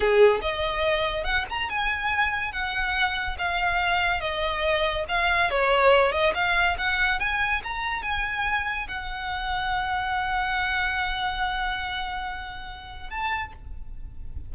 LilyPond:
\new Staff \with { instrumentName = "violin" } { \time 4/4 \tempo 4 = 142 gis'4 dis''2 fis''8 ais''8 | gis''2 fis''2 | f''2 dis''2 | f''4 cis''4. dis''8 f''4 |
fis''4 gis''4 ais''4 gis''4~ | gis''4 fis''2.~ | fis''1~ | fis''2. a''4 | }